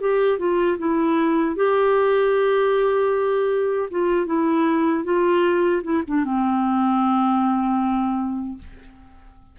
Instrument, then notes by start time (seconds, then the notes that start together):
clarinet
0.00 G4
0.39 F4
0.78 E4
1.55 G4
3.90 F4
4.26 E4
5.04 F4
5.83 E4
6.07 D4
6.24 C4